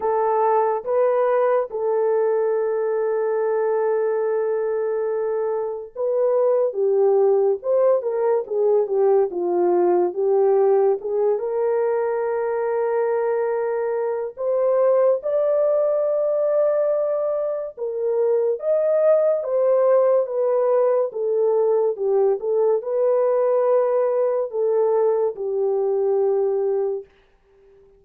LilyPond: \new Staff \with { instrumentName = "horn" } { \time 4/4 \tempo 4 = 71 a'4 b'4 a'2~ | a'2. b'4 | g'4 c''8 ais'8 gis'8 g'8 f'4 | g'4 gis'8 ais'2~ ais'8~ |
ais'4 c''4 d''2~ | d''4 ais'4 dis''4 c''4 | b'4 a'4 g'8 a'8 b'4~ | b'4 a'4 g'2 | }